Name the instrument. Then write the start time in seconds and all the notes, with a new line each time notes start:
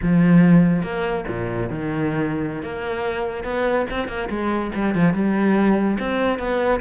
cello
0.02 F3
0.82 A#3
1.28 A#2
1.69 D#3
2.62 A#3
3.43 B3
3.90 C4
4.07 A#3
4.29 G#3
4.74 G3
4.94 F3
5.13 G3
5.99 C4
6.39 B3